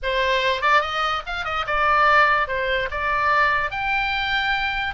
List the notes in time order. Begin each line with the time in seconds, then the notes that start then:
0.02 C5
0.61 D5
0.81 D#5
1.26 F5
1.44 D#5
1.66 D5
2.47 C5
2.91 D5
3.71 G5